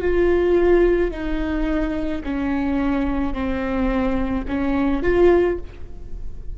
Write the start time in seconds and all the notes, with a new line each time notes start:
0.00 F4
1.11 D#4
2.23 C#4
3.33 C4
4.47 C#4
5.02 F4